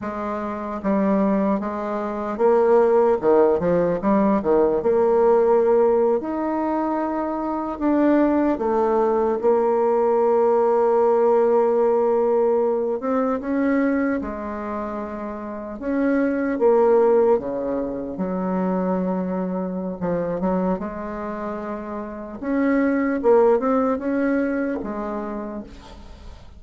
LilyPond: \new Staff \with { instrumentName = "bassoon" } { \time 4/4 \tempo 4 = 75 gis4 g4 gis4 ais4 | dis8 f8 g8 dis8 ais4.~ ais16 dis'16~ | dis'4.~ dis'16 d'4 a4 ais16~ | ais1~ |
ais16 c'8 cis'4 gis2 cis'16~ | cis'8. ais4 cis4 fis4~ fis16~ | fis4 f8 fis8 gis2 | cis'4 ais8 c'8 cis'4 gis4 | }